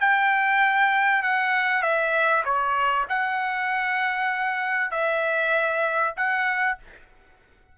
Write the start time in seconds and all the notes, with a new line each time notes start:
0.00 G5
1.22 F#5
1.82 E5
2.44 C#5
3.09 F#5
4.91 E5
6.16 F#5